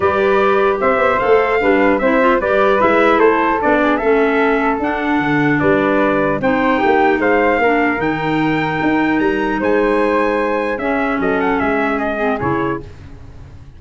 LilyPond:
<<
  \new Staff \with { instrumentName = "trumpet" } { \time 4/4 \tempo 4 = 150 d''2 e''4 f''4~ | f''4 e''4 d''4 e''4 | c''4 d''4 e''2 | fis''2 d''2 |
g''2 f''2 | g''2. ais''4 | gis''2. e''4 | dis''8 fis''8 e''4 dis''4 cis''4 | }
  \new Staff \with { instrumentName = "flute" } { \time 4/4 b'2 c''2 | b'4 c''4 b'2 | a'4. gis'8 a'2~ | a'2 b'2 |
c''4 g'4 c''4 ais'4~ | ais'1 | c''2. gis'4 | a'4 gis'2. | }
  \new Staff \with { instrumentName = "clarinet" } { \time 4/4 g'2. a'4 | d'4 e'8 f'8 g'4 e'4~ | e'4 d'4 cis'2 | d'1 |
dis'2. d'4 | dis'1~ | dis'2. cis'4~ | cis'2~ cis'8 c'8 e'4 | }
  \new Staff \with { instrumentName = "tuba" } { \time 4/4 g2 c'8 b8 a4 | g4 c'4 g4 gis4 | a4 b4 a2 | d'4 d4 g2 |
c'4 ais4 gis4 ais4 | dis2 dis'4 g4 | gis2. cis'4 | fis4 gis2 cis4 | }
>>